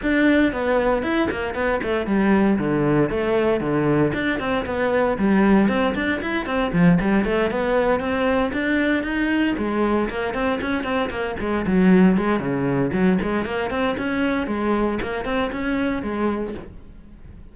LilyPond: \new Staff \with { instrumentName = "cello" } { \time 4/4 \tempo 4 = 116 d'4 b4 e'8 ais8 b8 a8 | g4 d4 a4 d4 | d'8 c'8 b4 g4 c'8 d'8 | e'8 c'8 f8 g8 a8 b4 c'8~ |
c'8 d'4 dis'4 gis4 ais8 | c'8 cis'8 c'8 ais8 gis8 fis4 gis8 | cis4 fis8 gis8 ais8 c'8 cis'4 | gis4 ais8 c'8 cis'4 gis4 | }